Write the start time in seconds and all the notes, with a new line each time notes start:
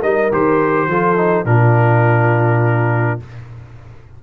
0.00 G3 D#4 A#4 D#5
0.31 D#3 G4 C5
0.87 F3 F4 A4
1.16 D#4
1.44 A#2 D4 F4 A#4